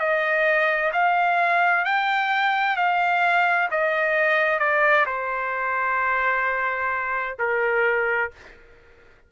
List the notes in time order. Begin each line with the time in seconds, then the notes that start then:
0.00 D#5
0.94 F5
1.85 G5
2.77 F5
3.71 D#5
4.60 D5
5.06 C5
7.39 A#4